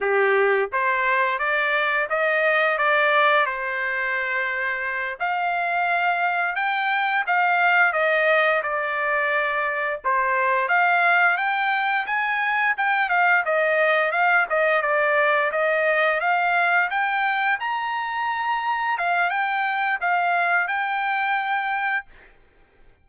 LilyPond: \new Staff \with { instrumentName = "trumpet" } { \time 4/4 \tempo 4 = 87 g'4 c''4 d''4 dis''4 | d''4 c''2~ c''8 f''8~ | f''4. g''4 f''4 dis''8~ | dis''8 d''2 c''4 f''8~ |
f''8 g''4 gis''4 g''8 f''8 dis''8~ | dis''8 f''8 dis''8 d''4 dis''4 f''8~ | f''8 g''4 ais''2 f''8 | g''4 f''4 g''2 | }